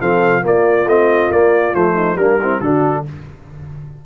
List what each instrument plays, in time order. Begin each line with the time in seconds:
0.00 tuba F3, trombone C4, horn A4, trumpet F5
0.42 trombone A#3, tuba A#3, horn F4, trumpet D5
0.86 tuba A3, trombone C4, trumpet D#5
1.30 tuba A#3, trombone A#3, trumpet D5
1.74 tuba F3, trombone A3, trumpet C5
1.95 horn D#4
2.16 tuba G3, trombone A#3, horn D4, trumpet A#4
2.41 trombone C4, horn E4
2.60 tuba D3, trombone D4, horn F#4, trumpet A4